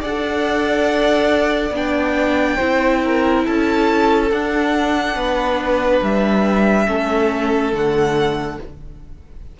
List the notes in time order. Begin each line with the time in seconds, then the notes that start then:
0.00 D4 A4 D5 F#5
1.70 B3 D4 G5
2.55 C4 E4 C5
3.04 A#4
3.44 C#4 A4 A5
4.31 D4 F#5
5.15 B3 B4
6.01 G3 E5
6.86 A3 C#4 A4
7.72 D3 A3 F#5